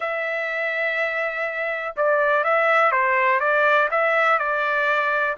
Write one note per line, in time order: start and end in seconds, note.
0.00 1.95 E5
1.96 2.44 D5
2.44 2.91 E5
2.91 3.40 C5
3.40 3.88 D5
3.90 4.39 E5
4.39 5.36 D5